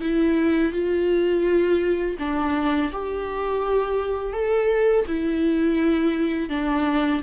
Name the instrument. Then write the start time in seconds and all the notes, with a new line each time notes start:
viola
0.00 E4
0.72 F4
2.19 D4
2.92 G4
4.33 A4
5.07 E4
6.49 D4